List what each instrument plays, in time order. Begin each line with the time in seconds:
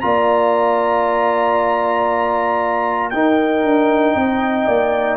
0.00 tuba A#3, trombone F4, horn D5, trumpet A#5
3.10 tuba D#4, trombone D#4, horn A#4, trumpet G5
3.62 tuba D4
4.14 tuba C4, horn D#5
4.66 tuba A#3, horn D5